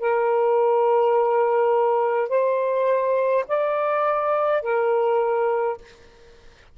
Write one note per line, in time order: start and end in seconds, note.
0.00 2.29 A#4
2.29 3.45 C5
3.48 4.63 D5
4.63 5.78 A#4